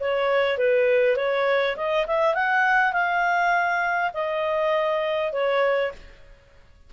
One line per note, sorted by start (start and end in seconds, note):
0.00 0.58 C#5
0.58 1.16 B4
1.16 1.76 C#5
1.76 2.06 D#5
2.06 2.34 E5
2.34 2.92 F#5
2.92 4.11 F5
4.13 5.32 D#5
5.32 5.92 C#5